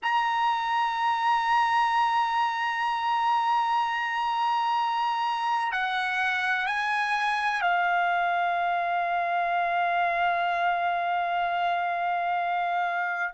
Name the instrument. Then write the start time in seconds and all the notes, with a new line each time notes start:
trumpet
0.02 A#5
5.71 F#5
6.66 G#5
7.61 F5